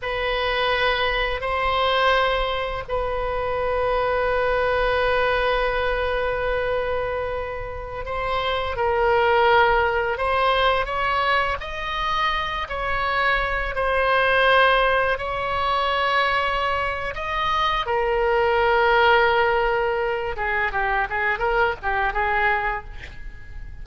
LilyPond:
\new Staff \with { instrumentName = "oboe" } { \time 4/4 \tempo 4 = 84 b'2 c''2 | b'1~ | b'2.~ b'16 c''8.~ | c''16 ais'2 c''4 cis''8.~ |
cis''16 dis''4. cis''4. c''8.~ | c''4~ c''16 cis''2~ cis''8. | dis''4 ais'2.~ | ais'8 gis'8 g'8 gis'8 ais'8 g'8 gis'4 | }